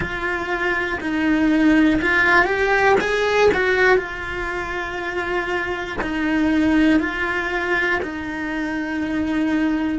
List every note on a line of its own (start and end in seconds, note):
0.00 0.99 F4
1.00 2.00 D#4
2.01 2.45 F4
2.45 2.95 G4
3.00 3.50 G#4
3.54 3.96 F#4
3.96 5.96 F4
6.01 6.99 D#4
6.99 7.99 F4
8.02 9.99 D#4